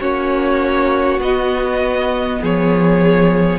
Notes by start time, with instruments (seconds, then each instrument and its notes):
0.00 cello A#3, viola C#4, violin F#4 C#5
1.19 cello B3, viola B3, violin D#5
2.41 cello F3, violin G#4 C#5